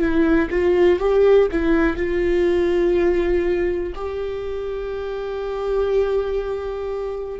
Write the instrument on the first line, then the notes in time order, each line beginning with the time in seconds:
viola
0.00 E4
0.50 F4
0.99 G4
1.51 E4
1.97 F4
3.95 G4